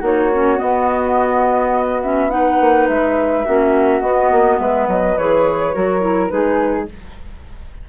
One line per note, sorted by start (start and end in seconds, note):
0.00 0.59 A#3
0.00 0.30 D#4
0.00 2.29 F#4
0.00 0.59 C#5
0.34 0.56 C#4
0.56 1.99 B3
0.56 2.61 B3
0.56 2.02 D#5
2.02 2.30 C#4
2.02 2.30 E5
2.30 3.45 D#4
2.30 3.46 B4
2.30 2.87 F#5
2.61 2.89 A#3
2.88 3.46 G#3
2.88 4.01 E5
3.46 4.02 A#3
3.46 4.02 C#4
3.46 4.60 F#4
4.01 4.30 B3
4.01 5.17 B3
4.01 4.58 D#5
4.31 4.59 A#3
4.59 4.88 G#3
4.59 5.75 B4
4.59 4.88 E5
4.88 5.16 F#3
4.88 5.18 D#5
5.18 5.75 E3
5.18 5.74 G#4
5.18 6.28 C#5
5.74 6.32 F#3
5.74 6.01 F#4
5.74 6.32 A#4
6.01 6.29 E4
6.28 6.89 G#3
6.28 6.86 D#4
6.28 6.89 G#4
6.28 6.85 B4